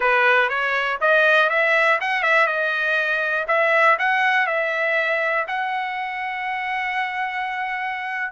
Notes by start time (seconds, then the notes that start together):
0.00 B4
0.49 C#5
1.00 D#5
1.49 E5
2.00 F#5
2.22 E5
2.46 D#5
3.47 E5
3.98 F#5
4.46 E5
5.47 F#5